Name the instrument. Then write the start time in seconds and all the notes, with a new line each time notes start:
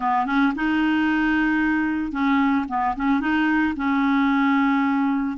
clarinet
0.00 B3
0.26 C#4
0.55 D#4
2.12 C#4
2.68 B3
2.96 C#4
3.20 D#4
3.76 C#4